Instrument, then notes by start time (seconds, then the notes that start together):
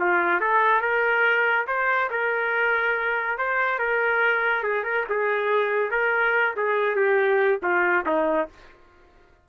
trumpet
0.00 F4
0.41 A4
0.81 A#4
1.68 C5
2.10 A#4
3.38 C5
3.79 A#4
4.63 G#4
4.84 A#4
5.10 G#4
5.91 A#4
6.56 G#4
6.96 G4
7.63 F4
8.06 D#4